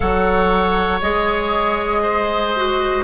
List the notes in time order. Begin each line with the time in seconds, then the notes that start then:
0.00 F#3 A4 C#5 F#5
1.01 G#3 G#4 D#5
2.02 C5
2.56 F#4